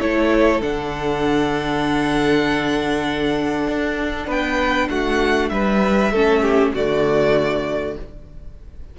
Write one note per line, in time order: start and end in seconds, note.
0.00 0.61 A3
0.00 0.61 E4
0.00 4.27 A4
0.00 0.61 C#5
0.61 3.67 D3
0.61 6.12 D4
0.61 4.30 F#5
3.67 4.28 D4
4.27 4.89 B3
4.27 4.89 B4
4.27 4.89 G5
4.89 5.51 A3
4.89 5.52 F#4
4.89 5.49 F#5
5.49 6.11 G3
5.49 6.12 B4
5.49 6.72 E5
6.11 6.73 A3
6.11 6.76 C#4
6.11 6.42 A4
6.42 6.72 G4
6.74 7.97 D3
6.74 7.99 A3
6.74 7.97 F#4
6.74 7.98 D5